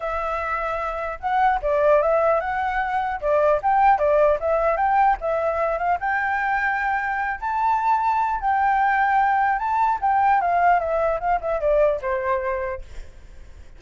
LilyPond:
\new Staff \with { instrumentName = "flute" } { \time 4/4 \tempo 4 = 150 e''2. fis''4 | d''4 e''4 fis''2 | d''4 g''4 d''4 e''4 | g''4 e''4. f''8 g''4~ |
g''2~ g''8 a''4.~ | a''4 g''2. | a''4 g''4 f''4 e''4 | f''8 e''8 d''4 c''2 | }